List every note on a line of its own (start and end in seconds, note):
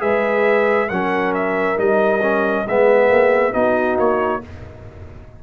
0.00 0.91 G#3
0.00 0.88 G#4
0.00 0.89 B4
0.00 0.89 E5
0.89 1.78 F#3
0.89 1.77 C#4
0.89 2.65 A#4
0.89 1.33 F#5
1.35 1.79 E5
1.77 2.66 G3
1.77 2.21 D#4
1.77 2.68 D#5
2.22 2.66 C#4
2.67 3.10 G#3
2.67 3.53 B3
2.67 3.53 G#4
2.67 3.53 E5
3.10 3.54 A#3
3.53 3.98 B3
3.53 4.42 D#4
3.53 4.42 F#4
3.53 3.98 D#5
3.98 4.42 A#3
3.98 4.43 C#5